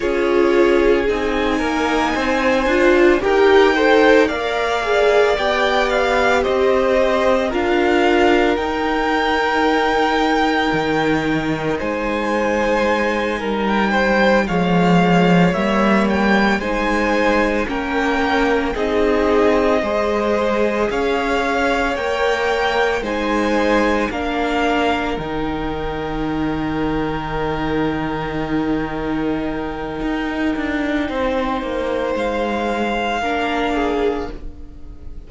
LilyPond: <<
  \new Staff \with { instrumentName = "violin" } { \time 4/4 \tempo 4 = 56 cis''4 gis''2 g''4 | f''4 g''8 f''8 dis''4 f''4 | g''2. gis''4~ | gis''8. g''8. f''4 e''8 g''8 gis''8~ |
gis''8 g''4 dis''2 f''8~ | f''8 g''4 gis''4 f''4 g''8~ | g''1~ | g''2 f''2 | }
  \new Staff \with { instrumentName = "violin" } { \time 4/4 gis'4. ais'8 c''4 ais'8 c''8 | d''2 c''4 ais'4~ | ais'2. c''4~ | c''8 ais'8 c''8 cis''2 c''8~ |
c''8 ais'4 gis'4 c''4 cis''8~ | cis''4. c''4 ais'4.~ | ais'1~ | ais'4 c''2 ais'8 gis'8 | }
  \new Staff \with { instrumentName = "viola" } { \time 4/4 f'4 dis'4. f'8 g'8 a'8 | ais'8 gis'8 g'2 f'4 | dis'1~ | dis'4. gis4 ais4 dis'8~ |
dis'8 cis'4 dis'4 gis'4.~ | gis'8 ais'4 dis'4 d'4 dis'8~ | dis'1~ | dis'2. d'4 | }
  \new Staff \with { instrumentName = "cello" } { \time 4/4 cis'4 c'8 ais8 c'8 d'8 dis'4 | ais4 b4 c'4 d'4 | dis'2 dis4 gis4~ | gis8 g4 f4 g4 gis8~ |
gis8 ais4 c'4 gis4 cis'8~ | cis'8 ais4 gis4 ais4 dis8~ | dis1 | dis'8 d'8 c'8 ais8 gis4 ais4 | }
>>